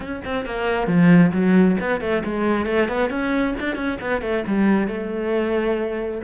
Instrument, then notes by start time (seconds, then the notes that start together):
cello
0.00 C#4
0.24 C4
0.45 A#3
0.87 F3
1.32 F#3
1.80 B3
2.01 A3
2.24 G#3
2.66 A3
2.88 B3
3.09 C#4
3.59 D4
3.75 C#4
4.00 B3
4.21 A3
4.47 G3
4.87 A3